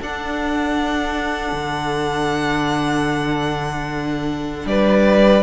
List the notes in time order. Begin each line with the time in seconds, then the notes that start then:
0.00 D4 A4 F#5
1.52 D3
4.65 G3 B4 D5